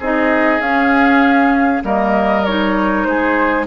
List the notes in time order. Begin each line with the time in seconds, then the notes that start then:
0.00 C4 D#4 G#4 D#5
0.60 C#4 F5
1.83 G3 A#3 A#4 D#5
2.46 D#4 C#5
3.04 G#3 G#4 C5